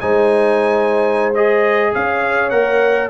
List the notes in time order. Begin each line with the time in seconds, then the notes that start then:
0.00 G#3 D#4 C5 G#5
1.34 G#4 D#5
1.94 C#4 C#5 F5
2.49 A#3 A#4 F#5